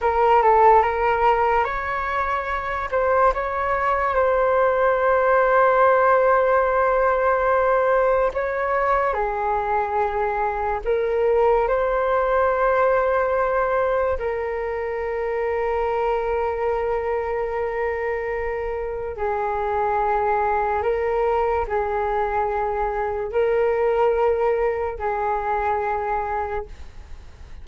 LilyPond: \new Staff \with { instrumentName = "flute" } { \time 4/4 \tempo 4 = 72 ais'8 a'8 ais'4 cis''4. c''8 | cis''4 c''2.~ | c''2 cis''4 gis'4~ | gis'4 ais'4 c''2~ |
c''4 ais'2.~ | ais'2. gis'4~ | gis'4 ais'4 gis'2 | ais'2 gis'2 | }